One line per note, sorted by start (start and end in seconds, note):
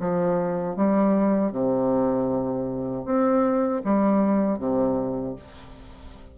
0.00 0.77 F3
0.77 1.52 G3
1.52 3.05 C3
3.05 3.82 C4
3.84 4.59 G3
4.59 5.36 C3